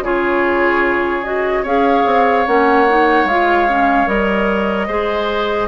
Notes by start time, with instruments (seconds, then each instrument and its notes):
0.00 bassoon C#3, clarinet F4, oboe G#4, flute C#5
1.23 clarinet F#4, flute D#5
1.62 bassoon C#4, clarinet G#4, oboe C#5, flute F5
2.05 bassoon C4
2.46 bassoon A#3, clarinet C#4, flute F#5
2.88 clarinet D#4
3.24 bassoon G#3, clarinet F4, flute F5
3.68 clarinet C#4
4.06 bassoon G3, clarinet A#4, flute D#5
4.87 bassoon G#3, clarinet G#4, oboe C5